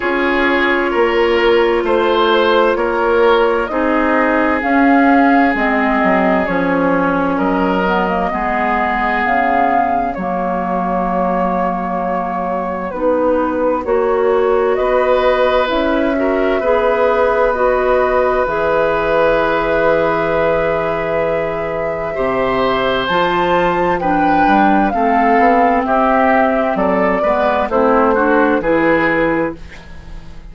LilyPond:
<<
  \new Staff \with { instrumentName = "flute" } { \time 4/4 \tempo 4 = 65 cis''2 c''4 cis''4 | dis''4 f''4 dis''4 cis''4 | dis''2 f''4 cis''4~ | cis''2 b'4 cis''4 |
dis''4 e''2 dis''4 | e''1~ | e''4 a''4 g''4 f''4 | e''4 d''4 c''4 b'4 | }
  \new Staff \with { instrumentName = "oboe" } { \time 4/4 gis'4 ais'4 c''4 ais'4 | gis'1 | ais'4 gis'2 fis'4~ | fis'1 |
b'4. ais'8 b'2~ | b'1 | c''2 b'4 a'4 | g'4 a'8 b'8 e'8 fis'8 gis'4 | }
  \new Staff \with { instrumentName = "clarinet" } { \time 4/4 f'1 | dis'4 cis'4 c'4 cis'4~ | cis'8 b16 ais16 b2 ais4~ | ais2 dis'4 fis'4~ |
fis'4 e'8 fis'8 gis'4 fis'4 | gis'1 | g'4 f'4 d'4 c'4~ | c'4. b8 c'8 d'8 e'4 | }
  \new Staff \with { instrumentName = "bassoon" } { \time 4/4 cis'4 ais4 a4 ais4 | c'4 cis'4 gis8 fis8 f4 | fis4 gis4 cis4 fis4~ | fis2 b4 ais4 |
b4 cis'4 b2 | e1 | c4 f4. g8 a8 b8 | c'4 fis8 gis8 a4 e4 | }
>>